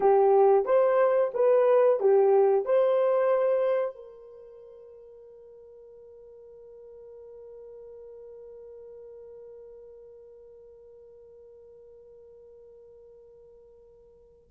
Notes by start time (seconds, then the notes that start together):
0.00 G4
0.65 C5
1.34 B4
2.00 G4
2.65 C5
3.95 A#4